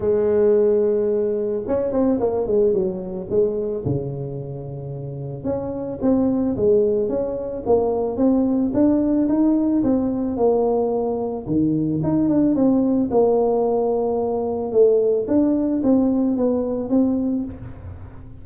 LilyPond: \new Staff \with { instrumentName = "tuba" } { \time 4/4 \tempo 4 = 110 gis2. cis'8 c'8 | ais8 gis8 fis4 gis4 cis4~ | cis2 cis'4 c'4 | gis4 cis'4 ais4 c'4 |
d'4 dis'4 c'4 ais4~ | ais4 dis4 dis'8 d'8 c'4 | ais2. a4 | d'4 c'4 b4 c'4 | }